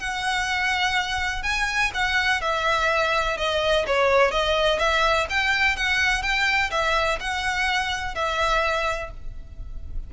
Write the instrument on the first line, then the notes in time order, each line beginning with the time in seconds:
violin
0.00 F#5
1.43 G#5
1.94 F#5
2.42 E5
3.38 D#5
3.87 C#5
4.31 D#5
4.79 E5
5.30 G5
5.77 F#5
6.22 G5
6.71 E5
7.20 F#5
8.15 E5